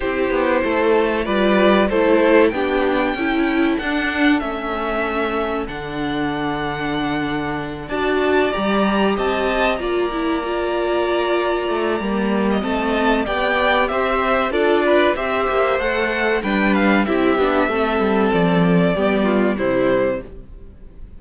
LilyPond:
<<
  \new Staff \with { instrumentName = "violin" } { \time 4/4 \tempo 4 = 95 c''2 d''4 c''4 | g''2 fis''4 e''4~ | e''4 fis''2.~ | fis''8 a''4 ais''4 a''4 ais''8~ |
ais''1 | a''4 g''4 e''4 d''4 | e''4 fis''4 g''8 f''8 e''4~ | e''4 d''2 c''4 | }
  \new Staff \with { instrumentName = "violin" } { \time 4/4 g'4 a'4 b'4 a'4 | g'4 a'2.~ | a'1~ | a'8 d''2 dis''4 d''8~ |
d''2.~ d''8. dis''16~ | dis''4 d''4 c''4 a'8 b'8 | c''2 b'4 g'4 | a'2 g'8 f'8 e'4 | }
  \new Staff \with { instrumentName = "viola" } { \time 4/4 e'2 f'4 e'4 | d'4 e'4 d'4 cis'4~ | cis'4 d'2.~ | d'8 fis'4 g'2 f'8 |
e'8 f'2~ f'8 ais4 | c'4 g'2 f'4 | g'4 a'4 d'4 e'8 d'8 | c'2 b4 g4 | }
  \new Staff \with { instrumentName = "cello" } { \time 4/4 c'8 b8 a4 g4 a4 | b4 cis'4 d'4 a4~ | a4 d2.~ | d8 d'4 g4 c'4 ais8~ |
ais2~ ais8 a8 g4 | a4 b4 c'4 d'4 | c'8 ais8 a4 g4 c'8 b8 | a8 g8 f4 g4 c4 | }
>>